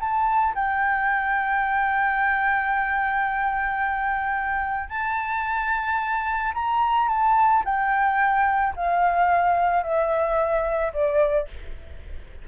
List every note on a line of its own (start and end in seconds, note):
0.00 0.55 A5
0.55 4.89 G5
4.89 6.53 A5
6.54 7.08 A#5
7.09 7.63 A5
7.65 8.74 G5
8.76 9.83 F5
9.83 10.92 E5
10.93 11.48 D5